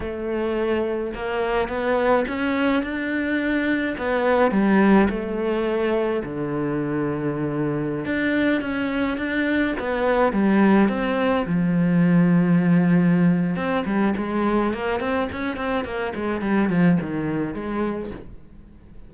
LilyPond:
\new Staff \with { instrumentName = "cello" } { \time 4/4 \tempo 4 = 106 a2 ais4 b4 | cis'4 d'2 b4 | g4 a2 d4~ | d2~ d16 d'4 cis'8.~ |
cis'16 d'4 b4 g4 c'8.~ | c'16 f2.~ f8. | c'8 g8 gis4 ais8 c'8 cis'8 c'8 | ais8 gis8 g8 f8 dis4 gis4 | }